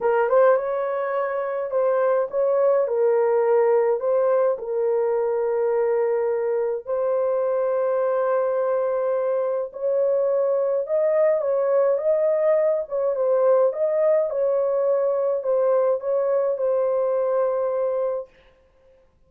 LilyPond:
\new Staff \with { instrumentName = "horn" } { \time 4/4 \tempo 4 = 105 ais'8 c''8 cis''2 c''4 | cis''4 ais'2 c''4 | ais'1 | c''1~ |
c''4 cis''2 dis''4 | cis''4 dis''4. cis''8 c''4 | dis''4 cis''2 c''4 | cis''4 c''2. | }